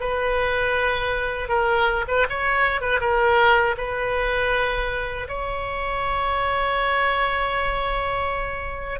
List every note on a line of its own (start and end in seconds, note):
0.00 1.49 B4
1.49 2.05 A#4
2.08 2.26 B4
2.29 2.81 C#5
2.81 3.00 B4
3.00 3.75 A#4
3.77 5.27 B4
5.28 8.99 C#5